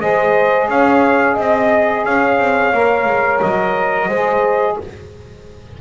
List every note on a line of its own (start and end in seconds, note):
0.00 0.68 G#3
0.00 2.73 G#4
0.00 0.68 C5
0.00 0.68 D#5
0.68 1.36 C#4
0.68 1.33 C#5
0.68 1.38 F5
1.33 2.05 C4
1.33 2.02 D#5
1.40 2.05 D#5
2.04 2.38 C#4
2.04 4.08 C#5
2.04 3.41 F5
2.38 2.72 C4
2.73 3.05 A#3
2.73 4.10 A#4
3.05 3.39 G#3
3.41 4.08 F#3
3.41 4.78 D#5
4.08 4.76 G#3
4.08 4.80 G#4
4.08 4.76 C5